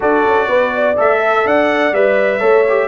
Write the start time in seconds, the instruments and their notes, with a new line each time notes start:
0.00 tuba D4, trombone F#4, horn A4, trumpet D5
0.25 tuba C#4
0.48 tuba B3, horn B4
0.74 horn D5
0.96 tuba A3, trombone A4, trumpet E5
1.17 horn E5
1.45 tuba D4, horn D5, trumpet F#5
1.92 tuba G3, trombone B4, trumpet E5
2.39 tuba A3, trombone A4, horn C#5
2.68 trombone G4